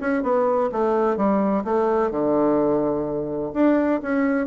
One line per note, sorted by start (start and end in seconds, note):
0.00 0.23 C#4
0.23 0.70 B3
0.72 1.16 A3
1.16 1.64 G3
1.64 2.11 A3
2.11 3.52 D3
3.53 4.01 D4
4.02 4.47 C#4